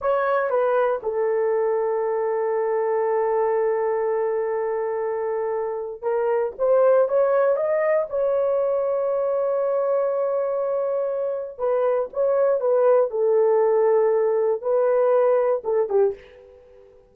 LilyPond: \new Staff \with { instrumentName = "horn" } { \time 4/4 \tempo 4 = 119 cis''4 b'4 a'2~ | a'1~ | a'1 | ais'4 c''4 cis''4 dis''4 |
cis''1~ | cis''2. b'4 | cis''4 b'4 a'2~ | a'4 b'2 a'8 g'8 | }